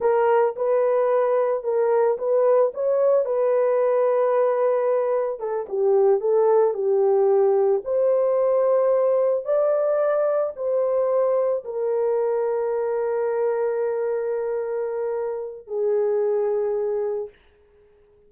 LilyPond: \new Staff \with { instrumentName = "horn" } { \time 4/4 \tempo 4 = 111 ais'4 b'2 ais'4 | b'4 cis''4 b'2~ | b'2 a'8 g'4 a'8~ | a'8 g'2 c''4.~ |
c''4. d''2 c''8~ | c''4. ais'2~ ais'8~ | ais'1~ | ais'4 gis'2. | }